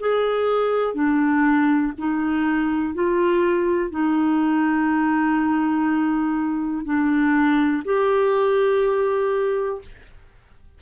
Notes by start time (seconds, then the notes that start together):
0.00 G#4
0.94 D4
1.99 D#4
2.94 F4
3.91 D#4
6.85 D4
7.85 G4